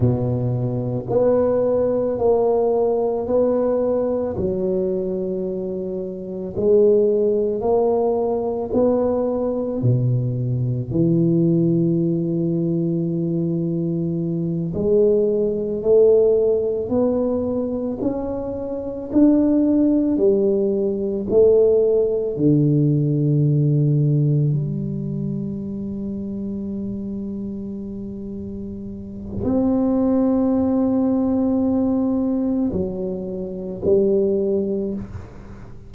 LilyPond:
\new Staff \with { instrumentName = "tuba" } { \time 4/4 \tempo 4 = 55 b,4 b4 ais4 b4 | fis2 gis4 ais4 | b4 b,4 e2~ | e4. gis4 a4 b8~ |
b8 cis'4 d'4 g4 a8~ | a8 d2 g4.~ | g2. c'4~ | c'2 fis4 g4 | }